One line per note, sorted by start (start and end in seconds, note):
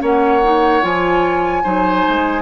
0.00 0.83 A#3
0.00 0.41 C#4
0.00 1.64 C#5
0.00 0.84 F#5
0.44 0.82 D#4
0.82 1.65 F3
0.82 1.63 F4
0.82 2.43 G#5
1.64 2.06 F#3
1.64 2.43 D#4
1.64 2.43 C5
2.09 2.43 G#3